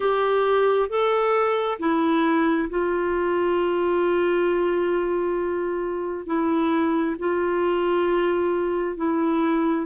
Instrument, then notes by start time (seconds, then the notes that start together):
clarinet
0.00 G4
0.89 A4
1.79 E4
2.69 F4
6.26 E4
7.18 F4
8.96 E4